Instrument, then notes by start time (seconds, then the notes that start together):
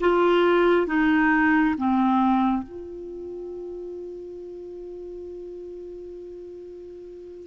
clarinet
0.00 F4
0.87 D#4
1.77 C4
2.62 F4